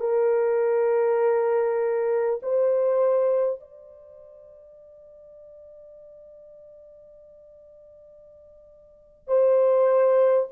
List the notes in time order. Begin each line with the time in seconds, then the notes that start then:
0.00 A#4
2.43 C5
3.60 D5
9.28 C5